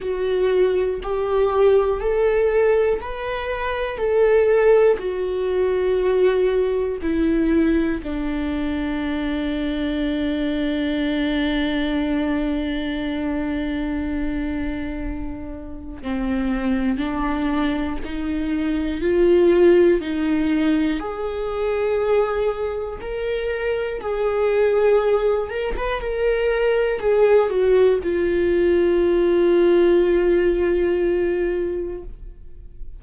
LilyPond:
\new Staff \with { instrumentName = "viola" } { \time 4/4 \tempo 4 = 60 fis'4 g'4 a'4 b'4 | a'4 fis'2 e'4 | d'1~ | d'1 |
c'4 d'4 dis'4 f'4 | dis'4 gis'2 ais'4 | gis'4. ais'16 b'16 ais'4 gis'8 fis'8 | f'1 | }